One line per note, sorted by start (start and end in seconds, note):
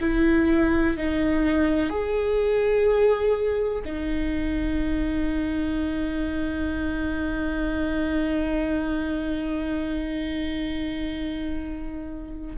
0.00 0.97 E4
0.97 1.89 D#4
1.89 3.83 G#4
3.84 12.55 D#4